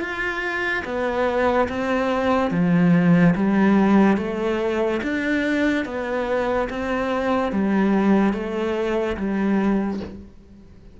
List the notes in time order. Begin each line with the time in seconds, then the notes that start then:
0.00 F4
0.84 B3
1.69 C4
2.51 F3
3.35 G3
4.17 A3
5.02 D4
5.85 B3
6.69 C4
7.52 G3
8.33 A3
9.17 G3